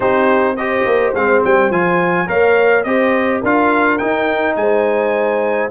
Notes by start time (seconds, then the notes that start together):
0.00 C4 D#4 G4 C5
0.56 G4 C5 D#5
0.85 A#3
1.14 G#3 C4 F5
1.44 G3 G5
1.70 F3 F4 G#5
2.26 A#3 A#4 C#5 F5
2.83 C4 G4 C5 D#5
3.40 D4 F4 A#4 F5
3.98 D#4 G5
4.56 G#3 C5 G#5